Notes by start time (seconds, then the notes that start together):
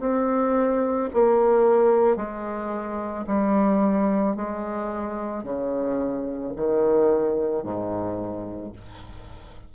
0.00 C4
1.14 A#3
2.16 G#3
3.27 G3
4.36 G#3
5.43 C#3
6.56 D#3
7.63 G#2